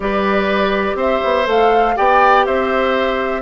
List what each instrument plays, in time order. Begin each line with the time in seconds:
0.00 bassoon G3, clarinet G4, oboe B4, flute D5
0.95 bassoon C4, oboe C5, flute E5
1.24 bassoon B3
1.46 bassoon A3, clarinet A4, flute F5
1.95 bassoon B3, clarinet G4, oboe D5, flute G5
2.45 bassoon C4, oboe C5, flute E5